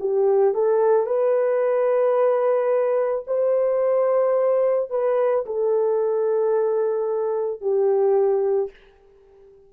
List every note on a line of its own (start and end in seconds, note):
0.00 0.55 G4
0.55 1.07 A4
1.07 3.25 B4
3.27 4.91 C5
4.91 5.45 B4
5.46 7.62 A4
7.62 8.71 G4